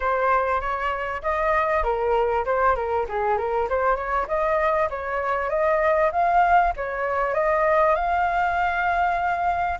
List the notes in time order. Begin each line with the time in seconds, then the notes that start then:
0.00 C5
0.60 C#5
1.22 D#5
1.83 A#4
2.45 C5
2.75 A#4
3.08 G#4
3.37 A#4
3.69 C5
3.95 C#5
4.27 D#5
4.90 C#5
5.49 D#5
6.12 F5
6.76 C#5
7.34 D#5
7.95 F5